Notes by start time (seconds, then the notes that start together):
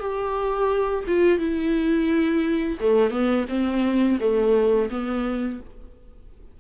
0.00 G4
1.07 F4
1.39 E4
2.80 A3
3.10 B3
3.49 C4
4.20 A3
4.90 B3